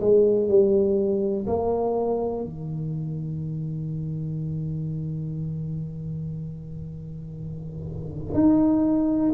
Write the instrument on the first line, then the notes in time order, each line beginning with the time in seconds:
tuba
0.00 G#3
0.48 G3
1.47 A#3
2.44 D#3
8.34 D#4